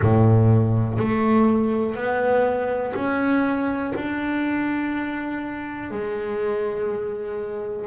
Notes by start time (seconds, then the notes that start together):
0.01 A2
0.98 A3
1.95 B3
2.95 C#4
3.95 D4
5.90 G#3